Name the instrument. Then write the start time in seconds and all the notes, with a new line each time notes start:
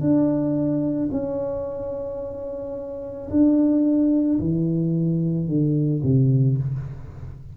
tuba
0.00 D4
1.11 C#4
3.30 D4
4.39 E3
5.47 D3
6.02 C3